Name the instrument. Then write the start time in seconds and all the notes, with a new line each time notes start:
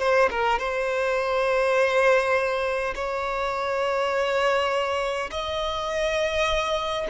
violin
0.00 C5
0.31 A#4
0.59 C5
2.96 C#5
5.31 D#5